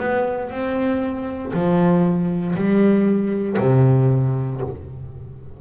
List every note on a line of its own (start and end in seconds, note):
0.00 0.51 B3
0.51 1.53 C4
1.54 2.56 F3
2.56 3.57 G3
3.60 4.61 C3